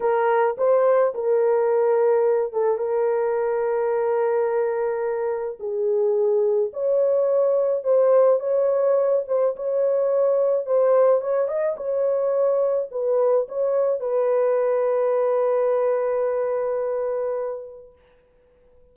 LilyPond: \new Staff \with { instrumentName = "horn" } { \time 4/4 \tempo 4 = 107 ais'4 c''4 ais'2~ | ais'8 a'8 ais'2.~ | ais'2 gis'2 | cis''2 c''4 cis''4~ |
cis''8 c''8 cis''2 c''4 | cis''8 dis''8 cis''2 b'4 | cis''4 b'2.~ | b'1 | }